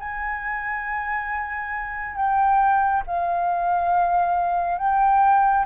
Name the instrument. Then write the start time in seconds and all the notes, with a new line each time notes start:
flute
0.00 G#5
2.16 G5
3.07 F5
4.78 G5